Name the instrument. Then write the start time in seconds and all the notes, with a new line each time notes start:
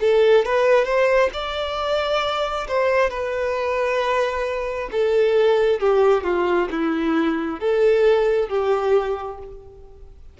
violin
0.00 A4
0.45 B4
0.85 C5
1.33 D5
2.68 C5
3.10 B4
4.91 A4
5.80 G4
6.23 F4
6.70 E4
7.60 A4
8.48 G4